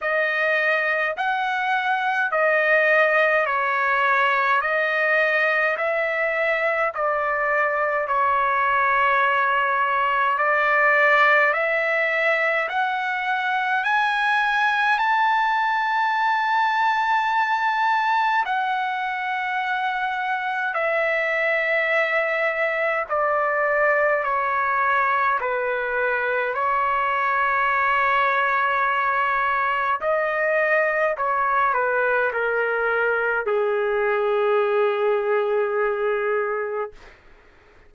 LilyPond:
\new Staff \with { instrumentName = "trumpet" } { \time 4/4 \tempo 4 = 52 dis''4 fis''4 dis''4 cis''4 | dis''4 e''4 d''4 cis''4~ | cis''4 d''4 e''4 fis''4 | gis''4 a''2. |
fis''2 e''2 | d''4 cis''4 b'4 cis''4~ | cis''2 dis''4 cis''8 b'8 | ais'4 gis'2. | }